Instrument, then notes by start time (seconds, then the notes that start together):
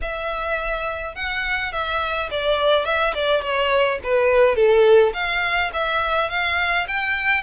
violin
0.01 E5
1.15 F#5
1.72 E5
2.30 D5
2.85 E5
3.14 D5
3.41 C#5
4.03 B4
4.55 A4
5.13 F5
5.73 E5
6.29 F5
6.87 G5